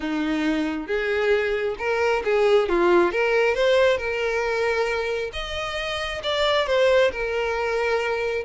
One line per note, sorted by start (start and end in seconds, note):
0.00 0.86 D#4
0.86 1.75 G#4
1.78 2.22 A#4
2.24 2.68 G#4
2.68 3.11 F4
3.11 3.54 A#4
3.54 3.97 C5
3.97 5.31 A#4
5.32 6.21 D#5
6.23 6.66 D5
6.66 7.11 C5
7.11 8.44 A#4